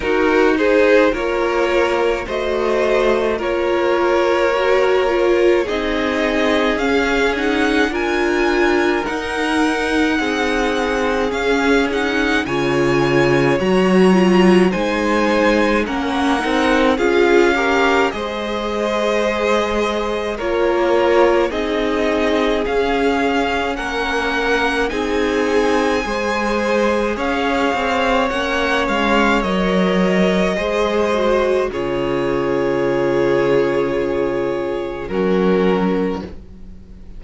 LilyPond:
<<
  \new Staff \with { instrumentName = "violin" } { \time 4/4 \tempo 4 = 53 ais'8 c''8 cis''4 dis''4 cis''4~ | cis''4 dis''4 f''8 fis''8 gis''4 | fis''2 f''8 fis''8 gis''4 | ais''4 gis''4 fis''4 f''4 |
dis''2 cis''4 dis''4 | f''4 fis''4 gis''2 | f''4 fis''8 f''8 dis''2 | cis''2. ais'4 | }
  \new Staff \with { instrumentName = "violin" } { \time 4/4 fis'8 gis'8 ais'4 c''4 ais'4~ | ais'4 gis'2 ais'4~ | ais'4 gis'2 cis''4~ | cis''4 c''4 ais'4 gis'8 ais'8 |
c''2 ais'4 gis'4~ | gis'4 ais'4 gis'4 c''4 | cis''2. c''4 | gis'2. fis'4 | }
  \new Staff \with { instrumentName = "viola" } { \time 4/4 dis'4 f'4 fis'4 f'4 | fis'8 f'8 dis'4 cis'8 dis'8 f'4 | dis'2 cis'8 dis'8 f'4 | fis'8 f'8 dis'4 cis'8 dis'8 f'8 g'8 |
gis'2 f'4 dis'4 | cis'2 dis'4 gis'4~ | gis'4 cis'4 ais'4 gis'8 fis'8 | f'2. cis'4 | }
  \new Staff \with { instrumentName = "cello" } { \time 4/4 dis'4 ais4 a4 ais4~ | ais4 c'4 cis'4 d'4 | dis'4 c'4 cis'4 cis4 | fis4 gis4 ais8 c'8 cis'4 |
gis2 ais4 c'4 | cis'4 ais4 c'4 gis4 | cis'8 c'8 ais8 gis8 fis4 gis4 | cis2. fis4 | }
>>